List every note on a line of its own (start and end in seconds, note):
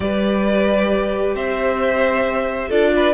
0.00 1.34 G3
0.00 2.69 G4
0.00 1.35 B4
0.00 1.34 D5
1.35 2.70 C4
1.35 2.68 C5
1.35 2.71 E5
2.68 3.14 D4
2.68 3.14 F4
2.68 2.90 A4
2.68 3.14 D5
2.96 3.14 B4